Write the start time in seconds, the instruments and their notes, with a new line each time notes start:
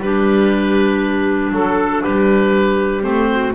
0.00 double bass G3, clarinet D4 G4, oboe B4
1.52 double bass F#3, clarinet A4, oboe A4
2.03 double bass G3, clarinet G4, oboe B4
3.03 double bass A3, clarinet C4, oboe C5
3.31 clarinet F#4